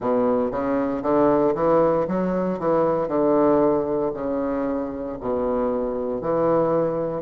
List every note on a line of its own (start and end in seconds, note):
0.00 0.51 B2
0.51 1.02 C#3
1.02 1.54 D3
1.55 2.06 E3
2.07 2.59 F#3
2.59 3.08 E3
3.08 4.11 D3
4.14 5.17 C#3
5.20 6.21 B2
6.21 7.22 E3